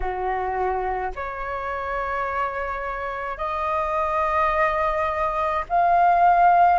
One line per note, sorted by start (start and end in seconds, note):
0.00 1.11 F#4
1.15 3.37 C#5
3.37 5.63 D#5
5.69 6.79 F5